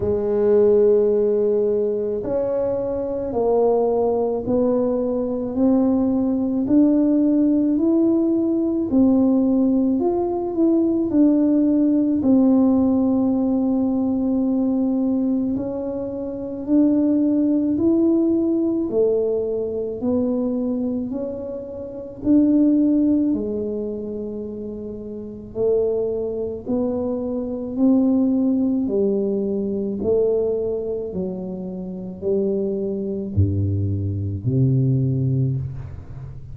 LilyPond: \new Staff \with { instrumentName = "tuba" } { \time 4/4 \tempo 4 = 54 gis2 cis'4 ais4 | b4 c'4 d'4 e'4 | c'4 f'8 e'8 d'4 c'4~ | c'2 cis'4 d'4 |
e'4 a4 b4 cis'4 | d'4 gis2 a4 | b4 c'4 g4 a4 | fis4 g4 g,4 c4 | }